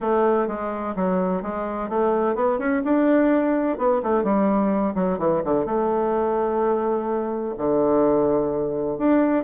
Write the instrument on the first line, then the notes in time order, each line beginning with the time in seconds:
bassoon
0.00 A3
0.47 G#3
0.95 F#3
1.42 G#3
1.89 A3
2.35 B3
2.58 C#4
2.84 D4
3.78 B3
4.03 A3
4.23 G3
4.94 F#3
5.18 E3
5.44 D3
5.65 A3
7.57 D3
8.98 D4